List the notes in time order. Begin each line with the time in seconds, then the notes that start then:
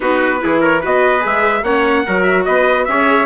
0.00 B3 D#4 F#4 B4
0.40 E3 E4 G#4
0.60 A#4 C#5
0.81 B3 F#4 B4 D#5
1.20 G#3 G#4 E5
1.62 A#3 C#4 C#5 F#5
2.05 F#3 F#4 A#4
2.22 E5
2.44 B3 B4 D#5
2.85 C#4 G#4 C#5 E5